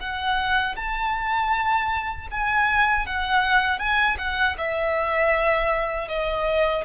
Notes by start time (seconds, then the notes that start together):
0.00 F#5
0.77 A5
2.32 G#5
3.07 F#5
3.79 G#5
4.19 F#5
4.58 E5
6.09 D#5